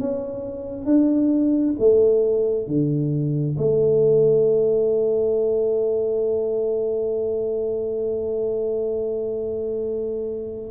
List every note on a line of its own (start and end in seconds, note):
0.00 0.86 C#4
0.86 1.75 D4
1.80 2.67 A3
2.67 3.57 D3
3.58 10.72 A3